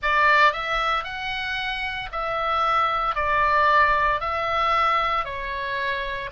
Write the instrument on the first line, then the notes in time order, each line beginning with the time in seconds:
oboe
0.02 D5
0.53 E5
1.04 F#5
2.11 E5
3.15 D5
4.20 E5
5.24 C#5